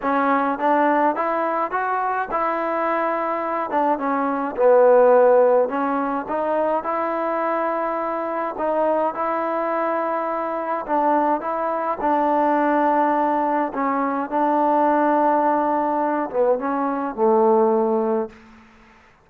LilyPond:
\new Staff \with { instrumentName = "trombone" } { \time 4/4 \tempo 4 = 105 cis'4 d'4 e'4 fis'4 | e'2~ e'8 d'8 cis'4 | b2 cis'4 dis'4 | e'2. dis'4 |
e'2. d'4 | e'4 d'2. | cis'4 d'2.~ | d'8 b8 cis'4 a2 | }